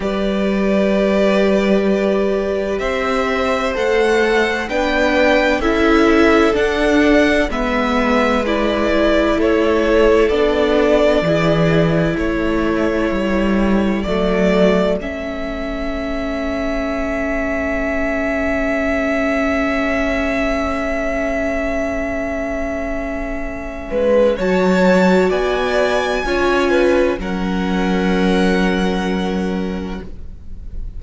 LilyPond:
<<
  \new Staff \with { instrumentName = "violin" } { \time 4/4 \tempo 4 = 64 d''2. e''4 | fis''4 g''4 e''4 fis''4 | e''4 d''4 cis''4 d''4~ | d''4 cis''2 d''4 |
e''1~ | e''1~ | e''2 a''4 gis''4~ | gis''4 fis''2. | }
  \new Staff \with { instrumentName = "violin" } { \time 4/4 b'2. c''4~ | c''4 b'4 a'2 | b'2 a'2 | gis'4 a'2.~ |
a'1~ | a'1~ | a'4. b'8 cis''4 d''4 | cis''8 b'8 ais'2. | }
  \new Staff \with { instrumentName = "viola" } { \time 4/4 g'1 | a'4 d'4 e'4 d'4 | b4 e'2 d'4 | e'2. a4 |
cis'1~ | cis'1~ | cis'2 fis'2 | f'4 cis'2. | }
  \new Staff \with { instrumentName = "cello" } { \time 4/4 g2. c'4 | a4 b4 cis'4 d'4 | gis2 a4 b4 | e4 a4 g4 fis4 |
a1~ | a1~ | a4. gis8 fis4 b4 | cis'4 fis2. | }
>>